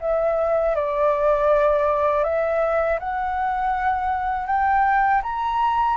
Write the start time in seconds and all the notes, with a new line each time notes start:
0.00 E5
0.75 D5
2.24 E5
2.99 F#5
4.47 G5
5.23 A#5